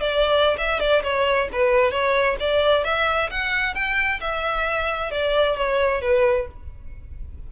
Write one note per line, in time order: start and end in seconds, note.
0.00 0.57 D5
0.58 0.80 E5
0.80 1.03 D5
1.03 1.48 C#5
1.52 1.91 B4
1.91 2.37 C#5
2.40 2.84 D5
2.84 3.30 E5
3.30 3.75 F#5
3.75 4.20 G5
4.21 5.11 E5
5.11 5.56 D5
5.57 6.01 C#5
6.01 6.47 B4